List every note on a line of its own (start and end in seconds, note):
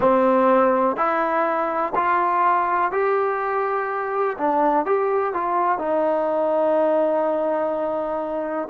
0.00 0.96 C4
0.96 1.93 E4
1.95 2.91 F4
2.91 4.36 G4
4.37 4.85 D4
4.85 5.33 G4
5.33 5.78 F4
5.78 8.68 D#4